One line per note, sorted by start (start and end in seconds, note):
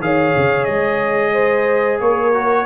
0.00 0.33 D#3
0.00 2.34 G#4
0.00 1.33 C#5
0.00 0.65 F5
0.37 0.68 C#3
0.65 2.01 G#3
0.65 1.98 D#5
1.33 2.00 C5
2.01 2.67 A#3
2.01 2.67 A#4
2.01 2.67 C#5
2.34 2.67 F#4